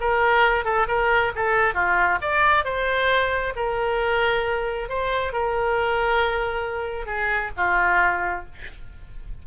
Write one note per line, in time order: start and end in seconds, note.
0.00 0.65 A#4
0.65 0.87 A4
0.88 1.32 A#4
1.35 1.74 A4
1.74 2.19 F4
2.21 2.65 D5
2.65 3.54 C5
3.56 4.89 A#4
4.89 5.33 C5
5.33 7.06 A#4
7.06 7.51 G#4
7.57 8.45 F4